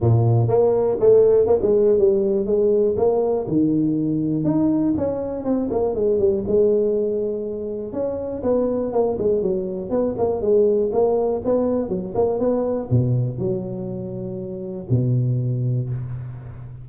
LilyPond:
\new Staff \with { instrumentName = "tuba" } { \time 4/4 \tempo 4 = 121 ais,4 ais4 a4 ais16 gis8. | g4 gis4 ais4 dis4~ | dis4 dis'4 cis'4 c'8 ais8 | gis8 g8 gis2. |
cis'4 b4 ais8 gis8 fis4 | b8 ais8 gis4 ais4 b4 | fis8 ais8 b4 b,4 fis4~ | fis2 b,2 | }